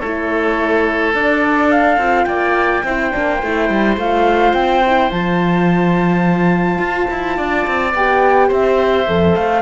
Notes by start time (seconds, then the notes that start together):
0.00 A3 E4 A4 C#5
1.14 D4 D5
1.71 F5
1.97 C4 F4
2.24 A#3 D5 G5
2.84 C4 E4 C5
3.11 A#3 D4
3.43 A3 E4
3.70 G3
3.97 A3 F4 F5
4.54 C4 G5
4.86 E4
5.10 F3 F4 A5
6.78 F4
7.10 E4
7.37 D4 D5
7.67 C4
7.94 B3 G4 G5
8.48 C4 C5 E5
9.07 F2 A4
9.36 A3 F5